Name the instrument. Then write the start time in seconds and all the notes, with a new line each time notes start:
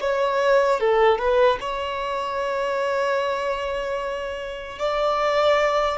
violin
0.00 C#5
0.80 A4
1.18 B4
1.60 C#5
4.78 D5